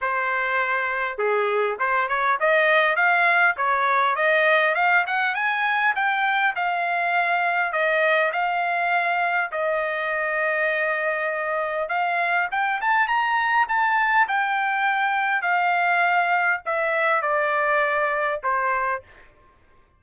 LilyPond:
\new Staff \with { instrumentName = "trumpet" } { \time 4/4 \tempo 4 = 101 c''2 gis'4 c''8 cis''8 | dis''4 f''4 cis''4 dis''4 | f''8 fis''8 gis''4 g''4 f''4~ | f''4 dis''4 f''2 |
dis''1 | f''4 g''8 a''8 ais''4 a''4 | g''2 f''2 | e''4 d''2 c''4 | }